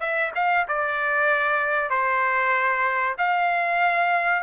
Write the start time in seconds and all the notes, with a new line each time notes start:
0.00 E5
0.35 F5
0.68 D5
1.90 C5
3.18 F5